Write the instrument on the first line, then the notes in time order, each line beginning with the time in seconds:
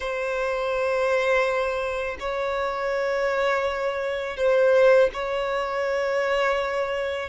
violin
0.00 C5
2.19 C#5
4.37 C5
5.13 C#5